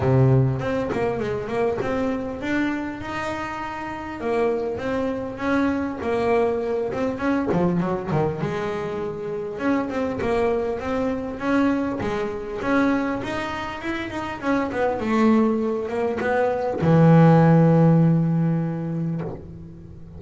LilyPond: \new Staff \with { instrumentName = "double bass" } { \time 4/4 \tempo 4 = 100 c4 c'8 ais8 gis8 ais8 c'4 | d'4 dis'2 ais4 | c'4 cis'4 ais4. c'8 | cis'8 f8 fis8 dis8 gis2 |
cis'8 c'8 ais4 c'4 cis'4 | gis4 cis'4 dis'4 e'8 dis'8 | cis'8 b8 a4. ais8 b4 | e1 | }